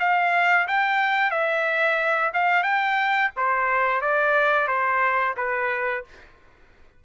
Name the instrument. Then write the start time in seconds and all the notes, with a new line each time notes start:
trumpet
0.00 F5
0.68 G5
1.31 E5
2.34 F5
2.64 G5
3.37 C5
4.01 D5
4.68 C5
5.37 B4